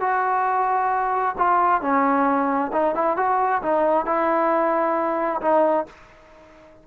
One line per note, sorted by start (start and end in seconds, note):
0.00 1.35 F#4
1.38 1.81 F4
1.81 2.71 C#4
2.73 2.95 D#4
2.95 3.16 E4
3.16 3.62 F#4
3.62 4.06 D#4
4.06 5.41 E4
5.41 5.86 D#4